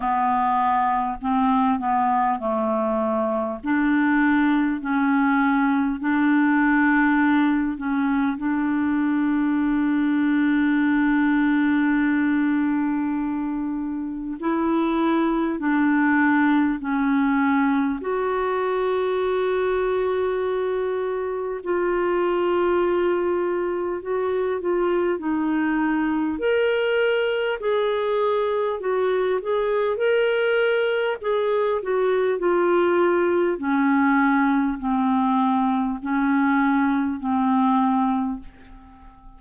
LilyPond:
\new Staff \with { instrumentName = "clarinet" } { \time 4/4 \tempo 4 = 50 b4 c'8 b8 a4 d'4 | cis'4 d'4. cis'8 d'4~ | d'1 | e'4 d'4 cis'4 fis'4~ |
fis'2 f'2 | fis'8 f'8 dis'4 ais'4 gis'4 | fis'8 gis'8 ais'4 gis'8 fis'8 f'4 | cis'4 c'4 cis'4 c'4 | }